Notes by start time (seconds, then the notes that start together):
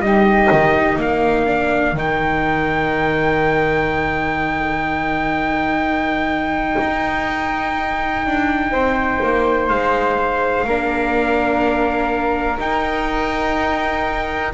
0.00 G3 D#4 G4 D#5
0.52 D#3
0.96 A#3 A#4 F5
1.46 D4
1.93 D#3 D#4
1.99 G5
6.81 D#4
8.26 D4
8.72 C4 C5
9.23 A#3
9.69 G#3 F5
10.65 A#3 D4 A#4
12.58 D#4 G5